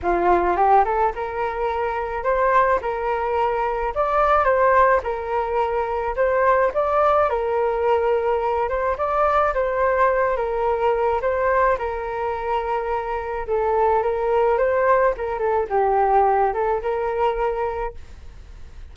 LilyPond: \new Staff \with { instrumentName = "flute" } { \time 4/4 \tempo 4 = 107 f'4 g'8 a'8 ais'2 | c''4 ais'2 d''4 | c''4 ais'2 c''4 | d''4 ais'2~ ais'8 c''8 |
d''4 c''4. ais'4. | c''4 ais'2. | a'4 ais'4 c''4 ais'8 a'8 | g'4. a'8 ais'2 | }